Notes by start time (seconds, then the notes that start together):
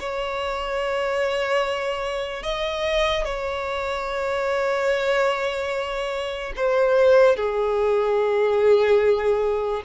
0.00 C#5
2.43 D#5
3.24 C#5
6.56 C5
7.36 G#4